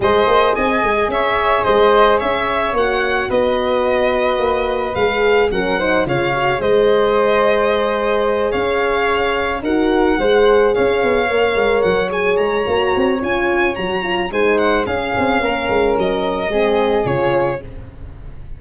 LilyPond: <<
  \new Staff \with { instrumentName = "violin" } { \time 4/4 \tempo 4 = 109 dis''4 gis''4 e''4 dis''4 | e''4 fis''4 dis''2~ | dis''4 f''4 fis''4 f''4 | dis''2.~ dis''8 f''8~ |
f''4. fis''2 f''8~ | f''4. fis''8 gis''8 ais''4. | gis''4 ais''4 gis''8 fis''8 f''4~ | f''4 dis''2 cis''4 | }
  \new Staff \with { instrumentName = "flute" } { \time 4/4 c''4 dis''4 cis''4 c''4 | cis''2 b'2~ | b'2 ais'8 c''8 cis''4 | c''2.~ c''8 cis''8~ |
cis''4. ais'4 c''4 cis''8~ | cis''1~ | cis''2 c''4 gis'4 | ais'2 gis'2 | }
  \new Staff \with { instrumentName = "horn" } { \time 4/4 gis'1~ | gis'4 fis'2.~ | fis'4 gis'4 cis'8 dis'8 f'8 fis'8 | gis'1~ |
gis'4. fis'4 gis'4.~ | gis'8 ais'4. gis'4 fis'4 | f'4 fis'8 f'8 dis'4 cis'4~ | cis'2 c'4 f'4 | }
  \new Staff \with { instrumentName = "tuba" } { \time 4/4 gis8 ais8 c'8 gis8 cis'4 gis4 | cis'4 ais4 b2 | ais4 gis4 fis4 cis4 | gis2.~ gis8 cis'8~ |
cis'4. dis'4 gis4 cis'8 | b8 ais8 gis8 fis4 gis8 ais8 c'8 | cis'4 fis4 gis4 cis'8 c'8 | ais8 gis8 fis4 gis4 cis4 | }
>>